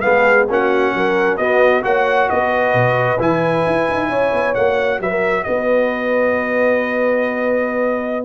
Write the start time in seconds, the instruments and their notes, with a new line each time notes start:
0.00 tuba G#3, trombone B3, horn G#4, trumpet F5
0.48 tuba A#3, trombone C#4, horn F#4, trumpet F#5
0.94 tuba F#3, horn A#4
1.37 tuba B3, trombone B3, horn F#4, trumpet D#5
1.82 tuba A#3, trombone F#4, horn C#5, trumpet F#5
2.29 tuba B3, horn B4, trumpet D#5
2.74 tuba B2
3.19 tuba E3, trombone E4, trumpet G#5
3.66 tuba E4
3.90 tuba D#4
4.09 tuba C#4, horn C#5
4.32 tuba B3
4.54 tuba A#3, trombone F#4, trumpet F#5
4.99 tuba F#3, horn B4, trumpet E5
5.10 horn A#4
5.43 tuba B3, horn B4, trumpet D#5